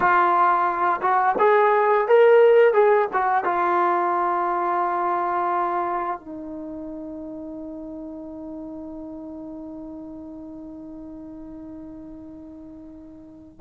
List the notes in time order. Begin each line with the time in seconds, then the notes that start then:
0.00 F4
1.01 F#4
1.39 G#4
2.08 A#4
2.73 G#4
3.13 F#4
3.44 F4
6.19 D#4